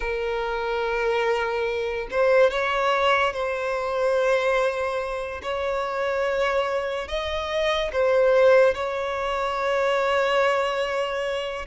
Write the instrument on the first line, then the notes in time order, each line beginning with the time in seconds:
violin
0.00 A#4
2.11 C5
2.50 C#5
3.33 C5
5.42 C#5
7.08 D#5
7.92 C5
8.74 C#5